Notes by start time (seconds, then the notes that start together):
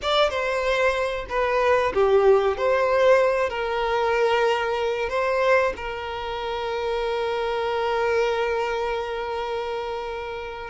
0.02 D5
0.30 C5
1.29 B4
1.94 G4
2.57 C5
3.49 A#4
5.09 C5
5.76 A#4